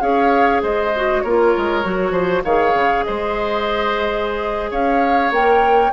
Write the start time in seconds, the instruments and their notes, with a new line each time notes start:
0.00 bassoon C#4, clarinet G#4, oboe C#5, flute F5
0.62 bassoon G#3, oboe C5, flute D#5
0.95 clarinet F#4
1.20 bassoon A#3, clarinet F4, oboe A#4, flute C#5
1.57 bassoon G#3
1.83 bassoon F#3, clarinet F#4
2.11 bassoon F3, oboe C5
2.44 bassoon D#3, clarinet G#4, oboe C#5, flute F5
2.73 bassoon C#3
3.03 bassoon G#3, oboe C5, flute D#5
4.70 bassoon C#4, oboe C#5, flute F5
5.31 bassoon A#3, clarinet A#4, flute G5